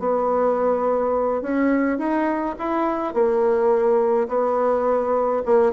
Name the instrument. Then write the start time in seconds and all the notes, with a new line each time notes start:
bassoon
0.00 B3
1.42 C#4
1.99 D#4
2.59 E4
3.14 A#3
4.29 B3
5.46 A#3